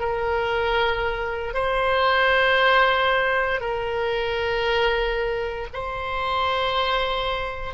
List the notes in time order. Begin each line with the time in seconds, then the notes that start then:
0.00 A#4
1.54 C5
3.61 A#4
5.74 C5